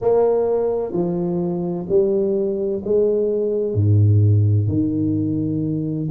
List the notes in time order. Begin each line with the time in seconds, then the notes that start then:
0.01 A#3
0.92 F3
1.88 G3
2.84 G#3
3.74 G#2
4.68 D#3